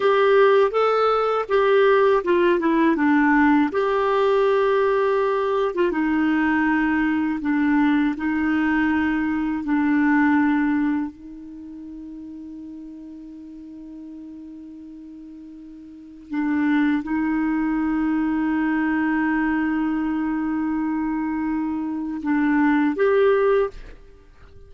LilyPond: \new Staff \with { instrumentName = "clarinet" } { \time 4/4 \tempo 4 = 81 g'4 a'4 g'4 f'8 e'8 | d'4 g'2~ g'8. f'16 | dis'2 d'4 dis'4~ | dis'4 d'2 dis'4~ |
dis'1~ | dis'2 d'4 dis'4~ | dis'1~ | dis'2 d'4 g'4 | }